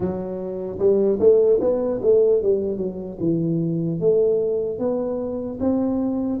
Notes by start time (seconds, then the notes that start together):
0.00 F#3
0.78 G3
1.19 A3
1.60 B3
2.02 A3
2.42 G3
2.77 F#3
3.20 E3
4.00 A3
4.79 B3
5.60 C4